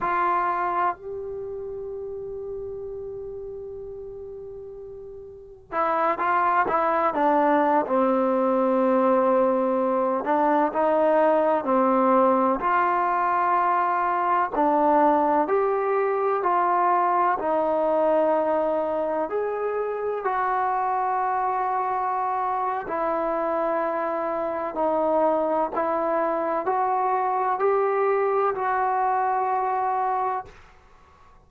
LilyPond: \new Staff \with { instrumentName = "trombone" } { \time 4/4 \tempo 4 = 63 f'4 g'2.~ | g'2 e'8 f'8 e'8 d'8~ | d'16 c'2~ c'8 d'8 dis'8.~ | dis'16 c'4 f'2 d'8.~ |
d'16 g'4 f'4 dis'4.~ dis'16~ | dis'16 gis'4 fis'2~ fis'8. | e'2 dis'4 e'4 | fis'4 g'4 fis'2 | }